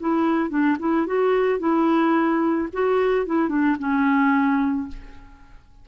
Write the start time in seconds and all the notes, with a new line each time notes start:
0.00 E4
0.50 D4
0.79 E4
1.06 F#4
1.59 E4
2.73 F#4
3.26 E4
3.49 D4
3.79 C#4